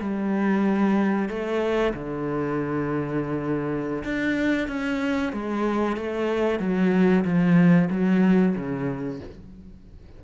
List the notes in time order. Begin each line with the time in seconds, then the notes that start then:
0.00 G3
1.29 A3
1.94 D3
4.04 D4
4.68 C#4
5.33 G#3
5.97 A3
6.60 F#3
7.25 F3
7.90 F#3
8.55 C#3